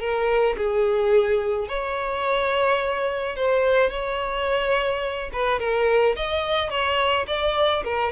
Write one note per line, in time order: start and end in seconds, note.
0.00 0.56 A#4
0.57 1.68 G#4
1.68 3.36 C#5
3.36 3.90 C5
3.90 5.30 C#5
5.33 5.60 B4
5.60 6.16 A#4
6.16 6.70 D#5
6.70 7.26 C#5
7.27 7.84 D5
7.85 8.12 A#4